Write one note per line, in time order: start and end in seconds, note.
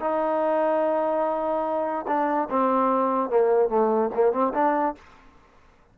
0.00 2.05 D#4
2.07 2.48 D4
2.49 3.30 C4
3.30 3.69 A#3
3.69 4.10 A3
4.14 4.32 A#3
4.32 4.52 C4
4.53 4.94 D4